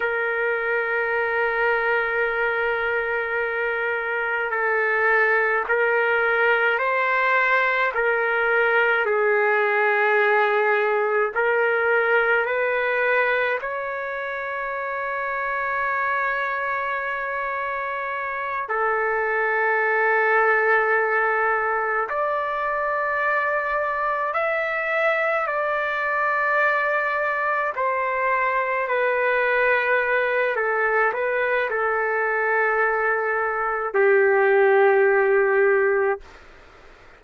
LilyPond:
\new Staff \with { instrumentName = "trumpet" } { \time 4/4 \tempo 4 = 53 ais'1 | a'4 ais'4 c''4 ais'4 | gis'2 ais'4 b'4 | cis''1~ |
cis''8 a'2. d''8~ | d''4. e''4 d''4.~ | d''8 c''4 b'4. a'8 b'8 | a'2 g'2 | }